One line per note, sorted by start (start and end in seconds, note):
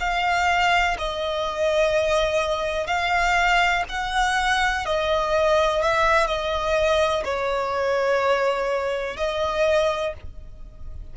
0.00 0.97 F5
0.99 2.87 D#5
2.87 3.84 F5
3.89 4.86 F#5
4.86 5.82 D#5
5.82 6.27 E5
6.27 7.24 D#5
7.24 9.17 C#5
9.17 10.13 D#5